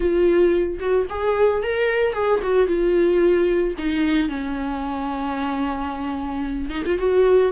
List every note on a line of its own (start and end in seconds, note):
0.00 0.78 F4
0.79 1.06 F#4
1.09 1.62 G#4
1.62 2.13 A#4
2.13 2.40 G#4
2.43 2.67 F#4
2.67 3.74 F4
3.77 4.28 D#4
4.28 6.69 C#4
6.69 6.83 D#4
6.85 6.98 F4
6.98 7.52 F#4